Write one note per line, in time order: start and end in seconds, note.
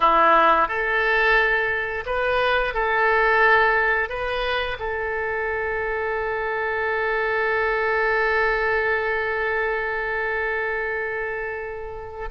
0.00 0.68 E4
0.68 2.04 A4
2.05 2.74 B4
2.74 4.09 A4
4.09 4.77 B4
4.79 12.29 A4